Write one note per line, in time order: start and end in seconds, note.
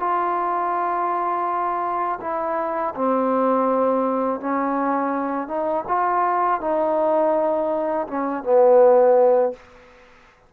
0.00 2.20 F4
2.21 2.94 E4
2.96 4.40 C4
4.40 5.48 C#4
5.48 5.84 D#4
5.88 6.61 F4
6.61 8.07 D#4
8.07 8.43 C#4
8.43 9.53 B3